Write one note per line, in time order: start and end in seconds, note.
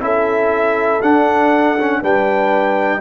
0.00 1.01 C#4
0.00 1.00 E4
0.00 2.01 A4
0.00 1.02 E5
1.01 2.01 D4
1.01 1.78 D4
1.01 2.02 F#5
1.79 2.02 C#4
2.01 3.00 G3
2.01 3.00 D4
2.01 3.00 B4
2.01 3.00 G5